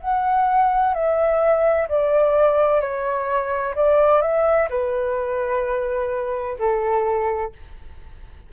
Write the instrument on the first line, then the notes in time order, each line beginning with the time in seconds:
flute
0.00 F#5
0.94 E5
1.88 D5
2.80 C#5
3.75 D5
4.21 E5
4.69 B4
6.58 A4